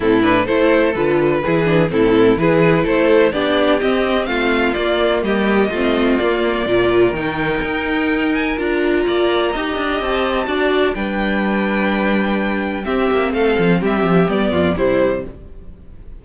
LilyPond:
<<
  \new Staff \with { instrumentName = "violin" } { \time 4/4 \tempo 4 = 126 a'8 b'8 c''4 b'2 | a'4 b'4 c''4 d''4 | dis''4 f''4 d''4 dis''4~ | dis''4 d''2 g''4~ |
g''4. gis''8 ais''2~ | ais''4 a''2 g''4~ | g''2. e''4 | f''4 e''4 d''4 c''4 | }
  \new Staff \with { instrumentName = "violin" } { \time 4/4 e'4 a'2 gis'4 | e'4 gis'4 a'4 g'4~ | g'4 f'2 g'4 | f'2 ais'2~ |
ais'2. d''4 | dis''2 d''4 b'4~ | b'2. g'4 | a'4 g'4. f'8 e'4 | }
  \new Staff \with { instrumentName = "viola" } { \time 4/4 c'8 d'8 e'4 f'4 e'8 d'8 | c'4 e'2 d'4 | c'2 ais2 | c'4 ais4 f'4 dis'4~ |
dis'2 f'2 | g'2 fis'4 d'4~ | d'2. c'4~ | c'2 b4 g4 | }
  \new Staff \with { instrumentName = "cello" } { \time 4/4 a,4 a4 d4 e4 | a,4 e4 a4 b4 | c'4 a4 ais4 g4 | a4 ais4 ais,4 dis4 |
dis'2 d'4 ais4 | dis'8 d'8 c'4 d'4 g4~ | g2. c'8 ais8 | a8 f8 g8 f8 g8 f,8 c4 | }
>>